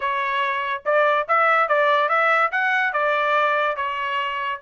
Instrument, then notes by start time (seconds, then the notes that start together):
trumpet
0.00 C#5
0.85 D5
1.28 E5
1.68 D5
2.08 E5
2.51 F#5
2.92 D5
3.76 C#5